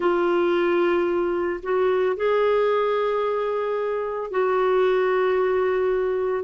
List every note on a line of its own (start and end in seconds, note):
0.00 1.60 F4
1.62 2.16 F#4
2.16 4.31 G#4
4.31 6.44 F#4